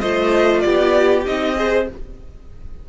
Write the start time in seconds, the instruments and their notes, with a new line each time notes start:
0.00 cello A3, viola F4, violin C5 D#5
0.60 cello B3, violin G4 D5
1.25 cello C4, viola D#4, violin D#5
1.56 viola G#4, violin C5